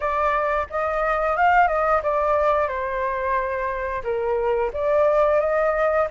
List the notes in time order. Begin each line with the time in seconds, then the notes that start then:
0.00 D5
0.70 D#5
1.36 F5
1.67 D#5
2.03 D5
2.68 C5
4.03 A#4
4.73 D5
5.40 D#5